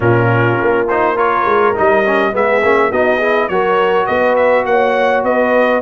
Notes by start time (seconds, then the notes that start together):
0.00 A#2 C#4 F4 A#4
0.60 A#3
0.88 D#4 C5
1.15 F4 A#4 C#5
1.45 G#3
1.75 G3 D#4 D#5
2.06 C#4
2.32 G#3 B3 G#4 E5
2.63 A#3 C#4
2.91 B3 D#4 F#4 D#5
3.18 E4 G#4
3.48 F#3 F#4 A#4 C#5
4.06 B3 B4 D#5
4.36 E5
4.65 A#3 C#5 F#5
5.23 B3 B4 D#5